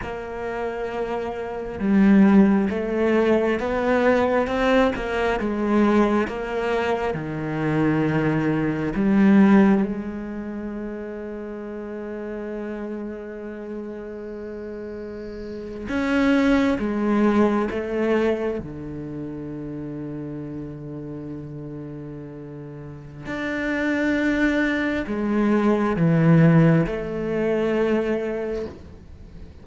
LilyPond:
\new Staff \with { instrumentName = "cello" } { \time 4/4 \tempo 4 = 67 ais2 g4 a4 | b4 c'8 ais8 gis4 ais4 | dis2 g4 gis4~ | gis1~ |
gis4.~ gis16 cis'4 gis4 a16~ | a8. d2.~ d16~ | d2 d'2 | gis4 e4 a2 | }